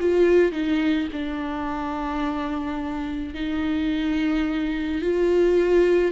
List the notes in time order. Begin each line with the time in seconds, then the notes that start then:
0.00 F4
0.52 D#4
1.13 D4
3.34 D#4
5.02 F4